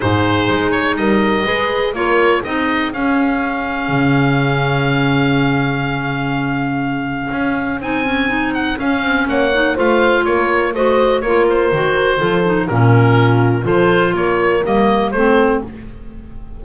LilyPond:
<<
  \new Staff \with { instrumentName = "oboe" } { \time 4/4 \tempo 4 = 123 c''4. cis''8 dis''2 | cis''4 dis''4 f''2~ | f''1~ | f''1 |
gis''4. fis''8 f''4 fis''4 | f''4 cis''4 dis''4 cis''8 c''8~ | c''2 ais'2 | c''4 cis''4 dis''4 c''4 | }
  \new Staff \with { instrumentName = "horn" } { \time 4/4 gis'2 ais'4 b'4 | ais'4 gis'2.~ | gis'1~ | gis'1~ |
gis'2. cis''4 | c''4 ais'4 c''4 ais'4~ | ais'4 a'4 f'2 | a'4 ais'2 a'4 | }
  \new Staff \with { instrumentName = "clarinet" } { \time 4/4 dis'2. gis'4 | f'4 dis'4 cis'2~ | cis'1~ | cis'1 |
dis'8 cis'8 dis'4 cis'4. dis'8 | f'2 fis'4 f'4 | fis'4 f'8 dis'8 cis'2 | f'2 ais4 c'4 | }
  \new Staff \with { instrumentName = "double bass" } { \time 4/4 gis,4 gis4 g4 gis4 | ais4 c'4 cis'2 | cis1~ | cis2. cis'4 |
c'2 cis'8 c'8 ais4 | a4 ais4 a4 ais4 | dis4 f4 ais,2 | f4 ais4 g4 a4 | }
>>